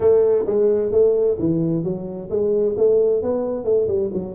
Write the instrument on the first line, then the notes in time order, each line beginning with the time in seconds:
tuba
0.00 A3
0.46 G#3
0.91 A3
1.39 E3
1.83 F#3
2.30 G#3
2.77 A3
3.22 B3
3.64 A3
3.87 G3
4.13 F#3